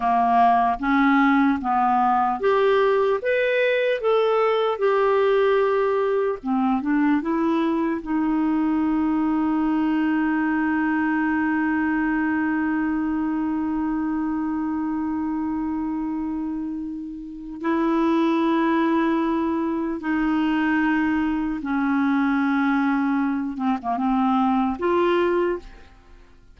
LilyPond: \new Staff \with { instrumentName = "clarinet" } { \time 4/4 \tempo 4 = 75 ais4 cis'4 b4 g'4 | b'4 a'4 g'2 | c'8 d'8 e'4 dis'2~ | dis'1~ |
dis'1~ | dis'2 e'2~ | e'4 dis'2 cis'4~ | cis'4. c'16 ais16 c'4 f'4 | }